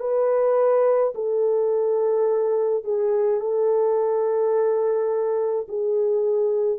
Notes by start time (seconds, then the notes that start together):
0.00 B4
1.15 A4
2.84 G#4
3.40 A4
5.69 G#4